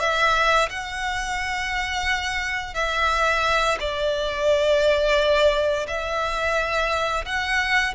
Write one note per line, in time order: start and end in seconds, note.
0.00 0.69 E5
0.70 2.74 F#5
2.74 3.78 E5
3.80 5.87 D5
5.87 7.25 E5
7.25 7.94 F#5